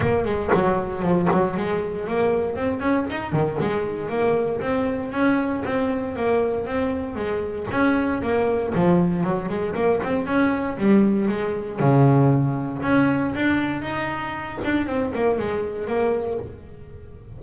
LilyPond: \new Staff \with { instrumentName = "double bass" } { \time 4/4 \tempo 4 = 117 ais8 gis8 fis4 f8 fis8 gis4 | ais4 c'8 cis'8 dis'8 dis8 gis4 | ais4 c'4 cis'4 c'4 | ais4 c'4 gis4 cis'4 |
ais4 f4 fis8 gis8 ais8 c'8 | cis'4 g4 gis4 cis4~ | cis4 cis'4 d'4 dis'4~ | dis'8 d'8 c'8 ais8 gis4 ais4 | }